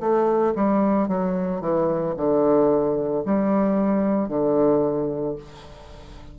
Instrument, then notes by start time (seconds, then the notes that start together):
bassoon
0.00 A3
0.55 G3
1.08 F#3
1.61 E3
2.17 D3
3.25 G3
4.29 D3